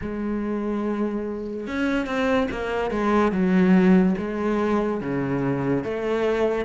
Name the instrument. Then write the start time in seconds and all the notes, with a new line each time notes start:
cello
0.01 G#3
1.67 C#4
2.06 C4
2.51 A#3
2.90 G#3
3.31 F#3
4.17 G#3
5.00 C#3
5.83 A3